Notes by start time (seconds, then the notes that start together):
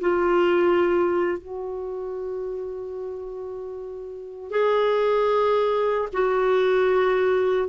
0.00 F4
1.38 F#4
4.50 G#4
6.13 F#4